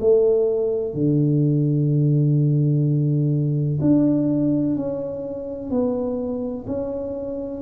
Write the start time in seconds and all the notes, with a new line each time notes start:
0.00 A3
0.94 D3
3.81 D4
4.76 C#4
5.70 B3
6.67 C#4